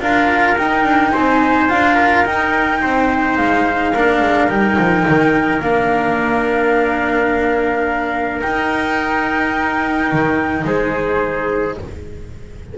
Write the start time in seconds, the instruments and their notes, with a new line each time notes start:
0.00 double bass D4, cello F4, trumpet A#4, flute F5
0.57 double bass D#4, cello D#4, flute G5
0.84 double bass D4
1.13 double bass C4, trumpet C5, flute G#5
1.69 double bass D4, cello F4, flute F5
1.95 trumpet A#4
2.25 cello D#4, double bass D#4, flute G5
2.81 double bass C4, trumpet C5
3.37 double bass G#3, flute F5
3.94 double bass A#3, cello D4, trumpet A#4
4.20 double bass G#3
4.48 double bass G3, cello D#4, flute G5
4.78 double bass F3
5.07 double bass D#3
5.61 double bass A#3, cello D4, flute F5
8.41 cello D#4, double bass D#4, flute G5
10.12 double bass D#3
10.64 double bass G#3, trumpet G#4, flute C5